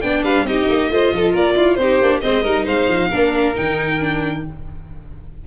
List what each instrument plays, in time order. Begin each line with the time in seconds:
0.00 tuba B3, viola D4, violin D5 G5
0.23 tuba G3, violin B4 F5
0.43 tuba C4, viola D#4, violin G4 D#5
0.68 tuba A#3
0.89 tuba A3, viola F4, violin C5
1.11 tuba F3, violin A4
1.32 tuba A#3, violin A#4 D5
1.55 tuba E4, violin F4
1.75 tuba C4, violin C5
1.81 viola D#4, violin G4
2.01 tuba A#3, viola D4
2.21 tuba G#3, viola C4, violin C5 D#5
2.43 tuba G3, viola D#4, violin A#4
2.64 tuba G#3, violin C5 F5
2.87 tuba F3
3.10 tuba A#3, viola D4, violin A#4
3.55 tuba D#3, viola D#4, violin G5
3.99 viola D4